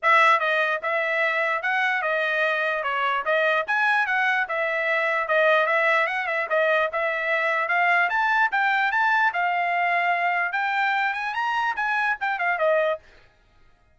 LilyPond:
\new Staff \with { instrumentName = "trumpet" } { \time 4/4 \tempo 4 = 148 e''4 dis''4 e''2 | fis''4 dis''2 cis''4 | dis''4 gis''4 fis''4 e''4~ | e''4 dis''4 e''4 fis''8 e''8 |
dis''4 e''2 f''4 | a''4 g''4 a''4 f''4~ | f''2 g''4. gis''8 | ais''4 gis''4 g''8 f''8 dis''4 | }